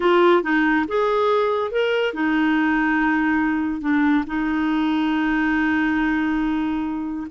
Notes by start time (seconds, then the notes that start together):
0.00 F4
0.42 D#4
0.88 G#4
1.71 A#4
2.13 D#4
3.81 D4
4.26 D#4